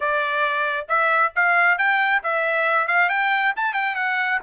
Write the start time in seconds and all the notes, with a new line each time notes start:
0.00 D5
0.88 E5
1.35 F5
1.77 G5
2.23 E5
2.87 F5
3.09 G5
3.56 A5
3.73 G5
3.95 F#5